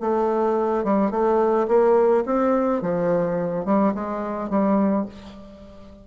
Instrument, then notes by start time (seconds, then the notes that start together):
bassoon
0.00 A3
0.84 G3
1.10 A3
1.67 A#3
2.25 C4
2.81 F3
3.65 G3
3.94 G#3
4.49 G3